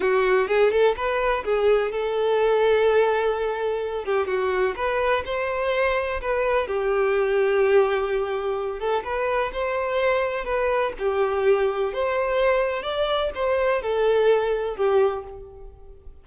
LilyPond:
\new Staff \with { instrumentName = "violin" } { \time 4/4 \tempo 4 = 126 fis'4 gis'8 a'8 b'4 gis'4 | a'1~ | a'8 g'8 fis'4 b'4 c''4~ | c''4 b'4 g'2~ |
g'2~ g'8 a'8 b'4 | c''2 b'4 g'4~ | g'4 c''2 d''4 | c''4 a'2 g'4 | }